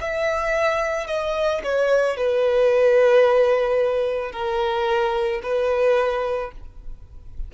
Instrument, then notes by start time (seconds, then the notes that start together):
violin
0.00 E5
1.07 D#5
1.63 C#5
2.17 B4
4.32 A#4
5.42 B4